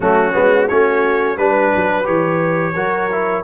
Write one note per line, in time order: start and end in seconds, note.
0.00 0.33 F#3
0.00 0.32 A3
0.00 0.67 C#4
0.00 0.68 F#4
0.32 0.69 G#3
0.32 0.67 B3
0.67 1.37 A3
0.67 1.37 C#4
0.67 1.36 F#4
0.67 1.37 C#5
1.37 1.72 G3
1.37 2.04 D4
1.37 2.06 B4
1.37 2.74 B4
1.75 2.07 F#3
2.04 2.75 E3
2.04 2.73 G4
2.04 3.44 C#5
2.74 3.44 F#3
2.74 3.10 F#4
2.74 3.43 A#4
3.11 3.44 E4